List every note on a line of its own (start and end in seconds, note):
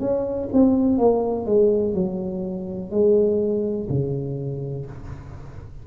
0.00 0.48 C#4
0.53 0.98 C4
0.98 1.46 A#3
1.46 1.94 G#3
1.94 2.91 F#3
2.91 3.88 G#3
3.89 4.86 C#3